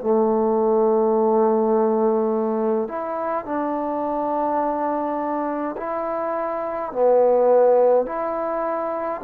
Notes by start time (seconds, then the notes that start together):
0.00 A3
2.88 E4
3.45 D4
5.77 E4
6.92 B3
8.06 E4